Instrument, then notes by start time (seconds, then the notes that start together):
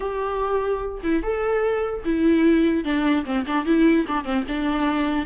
viola
0.00 G4
1.03 E4
1.23 A4
2.04 E4
2.84 D4
3.25 C4
3.46 D4
3.65 E4
4.07 D4
4.24 C4
4.48 D4